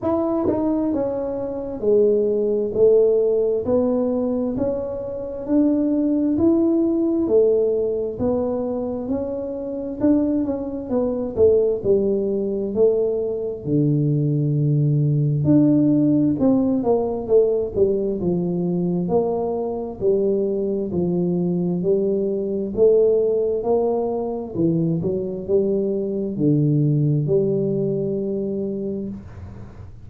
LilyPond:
\new Staff \with { instrumentName = "tuba" } { \time 4/4 \tempo 4 = 66 e'8 dis'8 cis'4 gis4 a4 | b4 cis'4 d'4 e'4 | a4 b4 cis'4 d'8 cis'8 | b8 a8 g4 a4 d4~ |
d4 d'4 c'8 ais8 a8 g8 | f4 ais4 g4 f4 | g4 a4 ais4 e8 fis8 | g4 d4 g2 | }